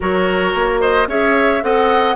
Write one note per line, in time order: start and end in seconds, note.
0.00 0.54 F#3
0.00 1.07 F#4
0.00 0.80 A#4
0.00 0.80 C#5
0.54 1.07 A#3
0.80 1.07 C5
0.80 1.07 D#5
1.07 1.61 C#4
1.07 1.61 G#4
1.07 1.63 C#5
1.07 1.63 E5
1.61 2.15 C4
1.61 2.15 A4
1.61 2.15 D#5
1.61 2.15 F#5